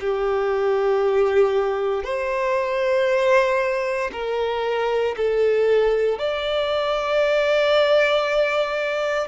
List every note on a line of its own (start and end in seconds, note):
0.00 2.03 G4
2.03 4.10 C5
4.11 5.15 A#4
5.16 6.18 A4
6.18 9.27 D5